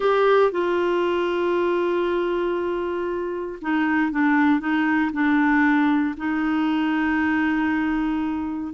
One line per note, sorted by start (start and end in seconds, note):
0.00 0.51 G4
0.51 3.59 F4
3.61 4.11 D#4
4.11 4.60 D4
4.60 5.11 D#4
5.12 6.15 D4
6.17 8.73 D#4